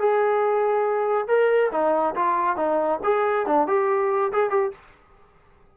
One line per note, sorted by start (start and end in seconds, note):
0.00 1.28 G#4
1.28 1.71 A#4
1.72 2.15 D#4
2.16 2.57 F4
2.57 3.00 D#4
3.04 3.47 G#4
3.47 3.67 D4
3.67 4.32 G4
4.33 4.50 G#4
4.50 4.72 G4